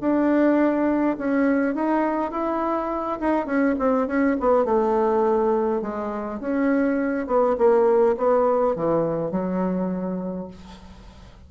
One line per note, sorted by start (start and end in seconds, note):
0.00 1.17 D4
1.18 1.75 C#4
1.75 2.31 D#4
2.31 3.19 E4
3.20 3.46 D#4
3.46 3.75 C#4
3.79 4.07 C4
4.07 4.36 C#4
4.40 4.65 B3
4.65 5.81 A3
5.81 6.40 G#3
6.40 7.27 C#4
7.27 7.56 B3
7.58 8.16 A#3
8.17 8.75 B3
8.75 9.31 E3
9.31 10.47 F#3